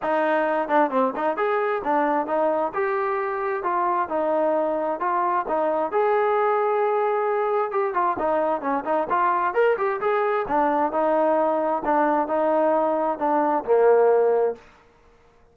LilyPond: \new Staff \with { instrumentName = "trombone" } { \time 4/4 \tempo 4 = 132 dis'4. d'8 c'8 dis'8 gis'4 | d'4 dis'4 g'2 | f'4 dis'2 f'4 | dis'4 gis'2.~ |
gis'4 g'8 f'8 dis'4 cis'8 dis'8 | f'4 ais'8 g'8 gis'4 d'4 | dis'2 d'4 dis'4~ | dis'4 d'4 ais2 | }